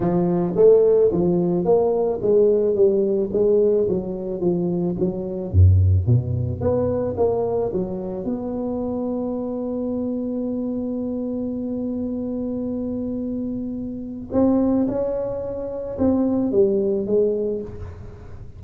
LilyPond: \new Staff \with { instrumentName = "tuba" } { \time 4/4 \tempo 4 = 109 f4 a4 f4 ais4 | gis4 g4 gis4 fis4 | f4 fis4 fis,4 b,4 | b4 ais4 fis4 b4~ |
b1~ | b1~ | b2 c'4 cis'4~ | cis'4 c'4 g4 gis4 | }